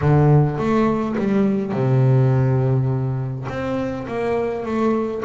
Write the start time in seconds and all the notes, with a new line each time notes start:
0.01 D3
0.57 A3
1.18 G3
1.72 C3
3.48 C4
4.07 A#3
4.65 A3